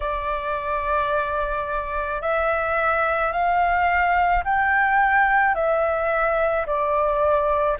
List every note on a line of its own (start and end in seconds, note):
0.00 2.21 D5
2.21 3.32 E5
3.32 4.43 F5
4.44 5.55 G5
5.55 6.66 E5
6.66 7.77 D5